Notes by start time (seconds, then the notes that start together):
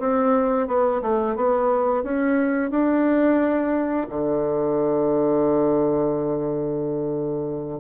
0.00 C4
0.67 B3
1.02 A3
1.36 B3
2.03 C#4
2.71 D4
4.09 D3